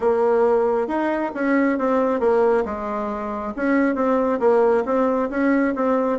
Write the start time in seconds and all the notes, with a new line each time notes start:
0.00 A#3
0.87 D#4
1.34 C#4
1.78 C4
2.20 A#3
2.65 G#3
3.55 C#4
3.95 C4
4.39 A#3
4.85 C4
5.30 C#4
5.75 C4